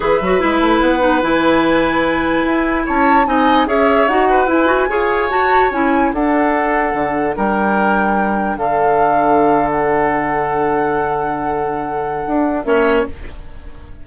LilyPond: <<
  \new Staff \with { instrumentName = "flute" } { \time 4/4 \tempo 4 = 147 e''2 fis''4 gis''4~ | gis''2. a''4 | gis''4 e''4 fis''4 gis''4~ | gis''4 a''4 gis''4 fis''4~ |
fis''2 g''2~ | g''4 f''2~ f''8. fis''16~ | fis''1~ | fis''2. e''4 | }
  \new Staff \with { instrumentName = "oboe" } { \time 4/4 b'1~ | b'2. cis''4 | dis''4 cis''4. b'4. | cis''2. a'4~ |
a'2 ais'2~ | ais'4 a'2.~ | a'1~ | a'2. cis''4 | }
  \new Staff \with { instrumentName = "clarinet" } { \time 4/4 gis'8 fis'8 e'4. dis'8 e'4~ | e'1 | dis'4 gis'4 fis'4 e'8 fis'8 | gis'4 fis'4 e'4 d'4~ |
d'1~ | d'1~ | d'1~ | d'2. cis'4 | }
  \new Staff \with { instrumentName = "bassoon" } { \time 4/4 e8 fis8 gis8 a8 b4 e4~ | e2 e'4 cis'4 | c'4 cis'4 dis'4 e'4 | f'4 fis'4 cis'4 d'4~ |
d'4 d4 g2~ | g4 d2.~ | d1~ | d2 d'4 ais4 | }
>>